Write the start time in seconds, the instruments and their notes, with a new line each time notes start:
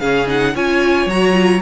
0.00 cello C#3, viola C#4, violin G#4 F5
0.27 viola D#4, violin F#5
0.55 cello C#4, viola F4, violin C#5 G#5
1.06 cello F#3, viola F#4, violin A#5
1.33 viola F4